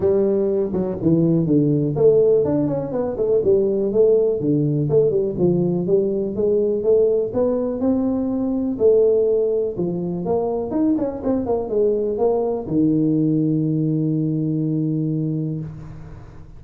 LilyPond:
\new Staff \with { instrumentName = "tuba" } { \time 4/4 \tempo 4 = 123 g4. fis8 e4 d4 | a4 d'8 cis'8 b8 a8 g4 | a4 d4 a8 g8 f4 | g4 gis4 a4 b4 |
c'2 a2 | f4 ais4 dis'8 cis'8 c'8 ais8 | gis4 ais4 dis2~ | dis1 | }